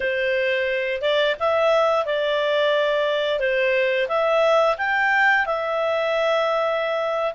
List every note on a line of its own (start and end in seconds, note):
0.00 1.01 C5
1.01 1.35 D5
1.39 2.05 E5
2.05 3.39 D5
3.39 4.07 C5
4.08 4.76 E5
4.77 5.45 G5
5.45 7.33 E5